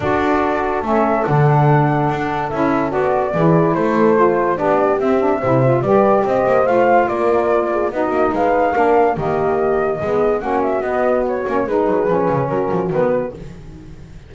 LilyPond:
<<
  \new Staff \with { instrumentName = "flute" } { \time 4/4 \tempo 4 = 144 d''2 e''4 fis''4~ | fis''2 e''4 d''4~ | d''4 c''2 d''4 | e''2 d''4 dis''4 |
f''4 d''2 dis''4 | f''2 dis''2~ | dis''4 fis''8 e''8 dis''4 cis''4 | b'2 ais'4 b'4 | }
  \new Staff \with { instrumentName = "horn" } { \time 4/4 a'1~ | a'1 | gis'4 a'2 g'4~ | g'4 c''4 b'4 c''4~ |
c''4 ais'4. gis'8 fis'4 | b'4 ais'4 g'2 | gis'4 fis'2. | gis'2 fis'2 | }
  \new Staff \with { instrumentName = "saxophone" } { \time 4/4 fis'2 cis'4 d'4~ | d'2 e'4 fis'4 | e'2 f'4 d'4 | c'8 d'8 e'8 f'8 g'2 |
f'2. dis'4~ | dis'4 d'4 ais2 | b4 cis'4 b4. cis'8 | dis'4 cis'2 b4 | }
  \new Staff \with { instrumentName = "double bass" } { \time 4/4 d'2 a4 d4~ | d4 d'4 cis'4 b4 | e4 a2 b4 | c'4 c4 g4 c'8 ais8 |
a4 ais2 b8 ais8 | gis4 ais4 dis2 | gis4 ais4 b4. ais8 | gis8 fis8 f8 cis8 fis8 f8 dis4 | }
>>